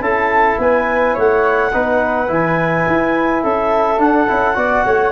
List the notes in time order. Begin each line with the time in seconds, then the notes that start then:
0.00 C#4 E4 A4 A5
0.58 B3 B4 G#5
1.14 A3 C#5 F#5
1.73 B3 D#4 B4
2.27 E3 E4 G#5
2.87 E4
3.43 C#4 A4 E5
3.98 D4 F#5
4.26 C#4 E4
4.55 B3 F#4 D5
4.85 A3 C#5